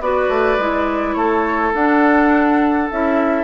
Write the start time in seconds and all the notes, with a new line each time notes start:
0.00 B3 F#4 B4 D5
0.29 A3
0.58 G#3 E4
1.13 A3 A4 C#5
1.73 D4 F#5
2.90 C#4 E4 E5